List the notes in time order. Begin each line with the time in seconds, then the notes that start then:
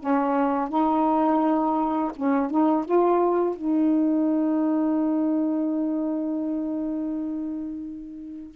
0.00 C#4
0.69 D#4
2.16 C#4
2.51 D#4
2.86 F4
3.56 D#4